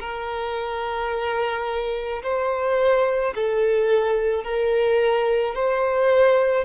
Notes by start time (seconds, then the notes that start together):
0.00 A#4
2.22 C5
3.34 A4
4.43 A#4
5.55 C5